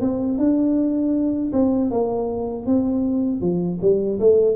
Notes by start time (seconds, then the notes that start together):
0.00 C4
0.38 D4
1.52 C4
1.90 A#3
2.66 C4
3.41 F3
3.81 G3
4.19 A3